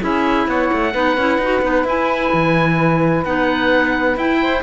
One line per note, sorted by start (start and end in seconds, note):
0.00 0.47 C#4
0.00 0.92 E4
0.00 0.47 G#4
0.00 0.49 E5
0.47 0.70 B3
0.47 0.92 C#5
0.47 1.87 F#5
0.72 0.94 A3
0.92 1.17 B3
0.92 1.16 D#4
0.92 4.38 B4
1.17 1.38 C#4
1.17 1.41 E4
1.38 1.61 D#4
1.38 1.62 F#4
1.62 1.84 B3
1.62 1.85 D#4
1.84 2.30 E4
1.84 3.25 E4
1.84 3.25 G#5
2.32 3.25 E3
3.25 4.16 B3
3.25 4.17 D#4
3.25 4.17 F#5
4.16 4.62 E4
4.16 4.62 G5
4.41 4.62 C5